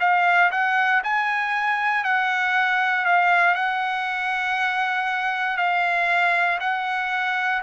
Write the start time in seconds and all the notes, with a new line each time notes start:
0.00 F5
0.51 F#5
1.04 G#5
2.04 F#5
3.05 F5
3.55 F#5
5.57 F5
6.60 F#5